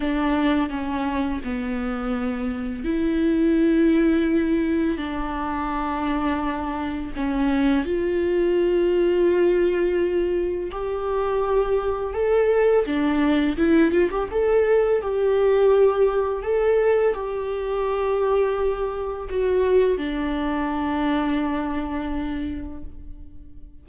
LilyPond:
\new Staff \with { instrumentName = "viola" } { \time 4/4 \tempo 4 = 84 d'4 cis'4 b2 | e'2. d'4~ | d'2 cis'4 f'4~ | f'2. g'4~ |
g'4 a'4 d'4 e'8 f'16 g'16 | a'4 g'2 a'4 | g'2. fis'4 | d'1 | }